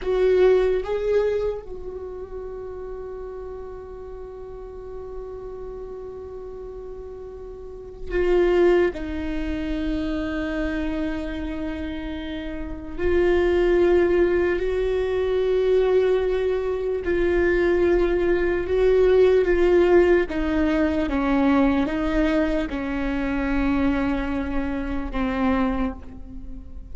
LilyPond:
\new Staff \with { instrumentName = "viola" } { \time 4/4 \tempo 4 = 74 fis'4 gis'4 fis'2~ | fis'1~ | fis'2 f'4 dis'4~ | dis'1 |
f'2 fis'2~ | fis'4 f'2 fis'4 | f'4 dis'4 cis'4 dis'4 | cis'2. c'4 | }